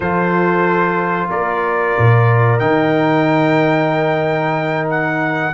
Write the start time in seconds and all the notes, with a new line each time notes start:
0.00 F3 F4 A4 C5
1.29 A#3 A#4 D5
1.97 A#2
2.59 D#3 D#4 G5
4.90 F#5